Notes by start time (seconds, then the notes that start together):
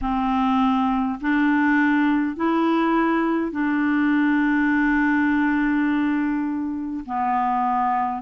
0.01 C4
1.20 D4
2.36 E4
3.51 D4
7.05 B3